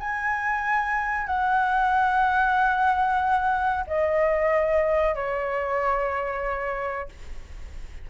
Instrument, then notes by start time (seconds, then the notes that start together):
flute
0.00 G#5
1.27 F#5
3.87 D#5
5.16 C#5